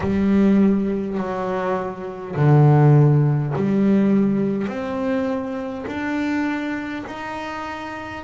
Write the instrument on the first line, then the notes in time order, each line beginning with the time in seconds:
double bass
0.00 G3
1.17 F#3
2.35 D3
3.55 G3
4.67 C4
5.87 D4
7.06 D#4